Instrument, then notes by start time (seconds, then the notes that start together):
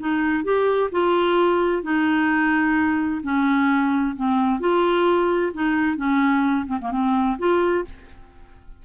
clarinet
0.00 D#4
0.44 G4
0.92 F4
1.83 D#4
3.24 C#4
4.16 C4
4.60 F4
5.54 D#4
5.97 C#4
6.67 C4
6.81 A#3
6.92 C4
7.39 F4